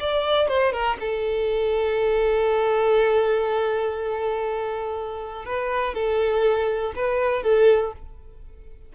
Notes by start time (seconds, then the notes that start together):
0.00 D5
0.48 C5
0.72 A#4
1.01 A4
5.45 B4
5.94 A4
6.96 B4
7.43 A4